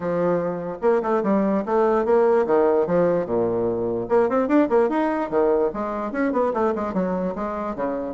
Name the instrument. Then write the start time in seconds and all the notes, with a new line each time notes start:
bassoon
0.00 F3
0.81 A#3
1.02 A3
1.23 G3
1.65 A3
2.05 A#3
2.46 D#3
2.86 F3
3.25 A#2
4.09 A#3
4.29 C4
4.48 D4
4.69 A#3
4.89 D#4
5.29 D#3
5.73 G#3
6.12 C#4
6.32 B3
6.53 A3
6.75 G#3
6.93 F#3
7.35 G#3
7.75 C#3